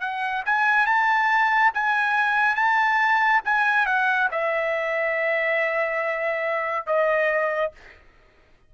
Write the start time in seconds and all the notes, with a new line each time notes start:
0.00 F#5
0.46 G#5
0.86 A5
1.74 G#5
2.55 A5
3.44 G#5
3.86 F#5
4.31 E5
6.86 D#5